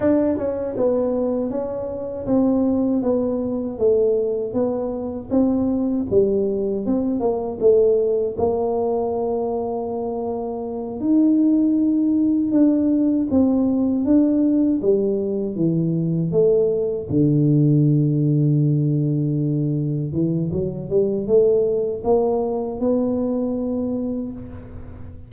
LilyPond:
\new Staff \with { instrumentName = "tuba" } { \time 4/4 \tempo 4 = 79 d'8 cis'8 b4 cis'4 c'4 | b4 a4 b4 c'4 | g4 c'8 ais8 a4 ais4~ | ais2~ ais8 dis'4.~ |
dis'8 d'4 c'4 d'4 g8~ | g8 e4 a4 d4.~ | d2~ d8 e8 fis8 g8 | a4 ais4 b2 | }